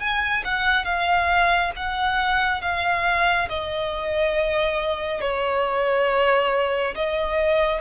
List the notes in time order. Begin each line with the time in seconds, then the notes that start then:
0.00 G#5
0.45 F#5
0.85 F5
1.76 F#5
2.62 F5
3.49 D#5
5.21 C#5
6.95 D#5